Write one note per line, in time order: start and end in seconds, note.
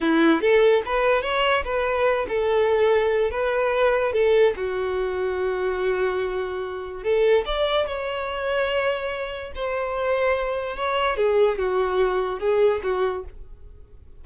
0.00 0.41 E4
0.41 0.82 A4
0.85 1.22 B4
1.22 1.63 C#5
1.64 2.26 B4
2.28 3.30 A4
3.30 4.12 B4
4.12 4.54 A4
4.56 7.03 F#4
7.03 7.44 A4
7.45 7.86 D5
7.86 9.52 C#5
9.55 10.76 C5
10.76 11.16 C#5
11.16 11.58 G#4
11.58 12.39 F#4
12.39 12.81 G#4
12.83 13.24 F#4